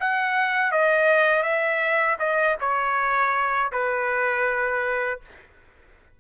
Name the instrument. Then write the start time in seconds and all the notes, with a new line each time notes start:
trumpet
0.00 F#5
0.72 D#5
1.43 E5
2.20 D#5
2.61 C#5
3.72 B4